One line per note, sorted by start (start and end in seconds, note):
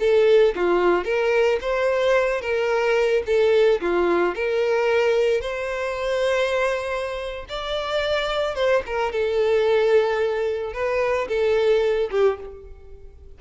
0.00 0.55 A4
0.56 1.05 F4
1.05 1.59 A#4
1.61 2.41 C5
2.41 3.23 A#4
3.26 3.81 A4
3.81 4.35 F4
4.35 5.41 A#4
5.41 7.46 C5
7.49 8.55 D5
8.55 8.82 C5
8.86 9.12 A#4
9.12 10.74 A4
10.74 11.28 B4
11.28 12.10 A4
12.11 12.38 G4